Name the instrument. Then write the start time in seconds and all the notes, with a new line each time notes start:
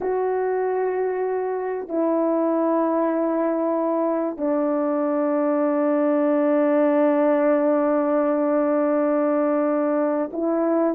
horn
0.00 F#4
1.88 E4
4.37 D4
10.32 E4